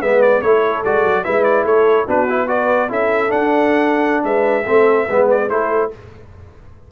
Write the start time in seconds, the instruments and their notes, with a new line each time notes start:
0.00 tuba G#3, trombone B3, horn B4, trumpet E5
0.22 trumpet D5
0.42 tuba A3, trombone E4, horn A4, trumpet C#5
0.85 tuba G#3, trombone F#4, trumpet D5
1.04 tuba F#3
1.24 tuba G#3, trombone E4, horn B4, trumpet E5
1.44 trumpet D5
1.64 tuba A3, horn A4, trumpet C#5
2.06 tuba B3, trombone D4, horn F#4, trumpet B4
2.30 trombone E4
2.48 trombone F#4, horn B4, trumpet D5
2.89 tuba C#4, trombone E4, horn A4, trumpet E5
3.29 trombone D4, tuba D4, trumpet F#5
4.24 tuba G#3, horn B4, trumpet E5
4.66 tuba A3, trombone C4, horn A4
5.07 tuba G#3, trombone B3, horn B4
5.31 trumpet D5
5.49 tuba A3, trombone E4, horn A4, trumpet C5